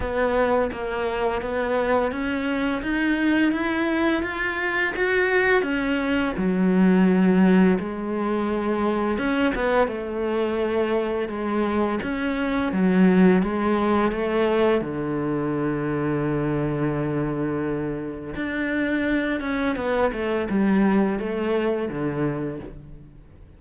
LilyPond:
\new Staff \with { instrumentName = "cello" } { \time 4/4 \tempo 4 = 85 b4 ais4 b4 cis'4 | dis'4 e'4 f'4 fis'4 | cis'4 fis2 gis4~ | gis4 cis'8 b8 a2 |
gis4 cis'4 fis4 gis4 | a4 d2.~ | d2 d'4. cis'8 | b8 a8 g4 a4 d4 | }